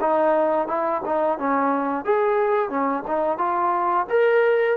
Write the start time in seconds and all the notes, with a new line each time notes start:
0.00 D#4
0.67 E4
1.05 D#4
1.38 C#4
2.04 G#4
2.69 C#4
3.07 D#4
3.38 F4
4.09 A#4